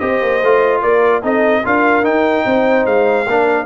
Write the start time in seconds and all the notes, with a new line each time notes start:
0.00 C4 G4 C5 D#5
0.22 A#3
0.42 A3 F4
0.82 A#3 A#4 D5
1.23 C4 D#4 A4 D#5
1.64 D4 F4 A#4 F5
2.03 D#4 G5
2.46 C4 C5
2.86 G#3 F5
3.27 A#3 D4 A#4